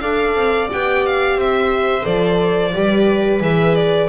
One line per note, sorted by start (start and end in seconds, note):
0.00 0.35 D4
0.00 0.69 A4
0.00 1.37 D5
0.00 0.68 F5
0.35 0.69 C4
0.71 1.35 B3
0.71 2.02 G4
0.71 1.06 G5
1.06 1.39 F5
1.35 2.03 C4
1.35 2.74 C5
1.35 2.04 E5
2.02 2.74 F3
2.02 2.71 A4
2.02 3.41 D5
2.73 3.40 G3
2.73 3.41 G4
2.73 4.08 B4
3.40 4.08 E3
3.40 4.08 G#4
3.40 3.75 E5
3.75 4.08 D5